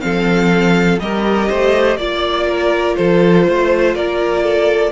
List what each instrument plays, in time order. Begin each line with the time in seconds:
0.00 cello F3, viola C4, violin A4 F5
1.00 cello G3, viola G4, violin A#4 D#5
1.49 cello A3, violin C5
1.97 cello A#3, viola F4, violin D5
2.48 violin A#4
2.96 cello F3, violin A4 C5
3.48 cello A3, violin C5
3.95 cello A#3, violin A#4 D5
4.44 violin A4